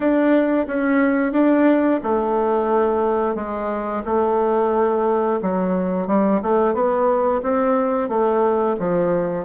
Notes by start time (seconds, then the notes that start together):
0.00 D4
0.67 C#4
1.32 D4
2.03 A3
3.35 G#3
4.05 A3
5.41 F#3
6.07 G3
6.42 A3
6.74 B3
7.42 C4
8.08 A3
8.79 F3